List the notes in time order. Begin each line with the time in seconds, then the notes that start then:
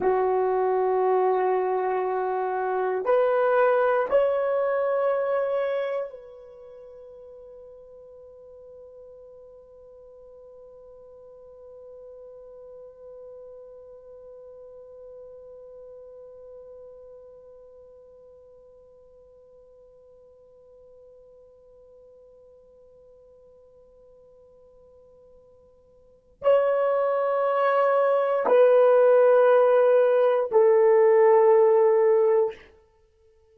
0.00 F#4
3.05 B4
4.09 C#5
6.10 B4
26.42 C#5
28.47 B4
30.51 A4